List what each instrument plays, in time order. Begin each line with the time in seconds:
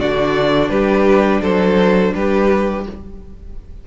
0.00 cello D3, viola D4, violin F#4 D5
0.70 cello G3, violin G4 B4
1.42 cello F#3, violin A4 C5
2.15 cello G3, violin G4 B4